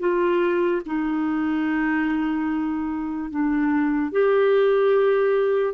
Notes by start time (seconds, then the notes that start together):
0.00 F4
0.86 D#4
3.31 D4
4.12 G4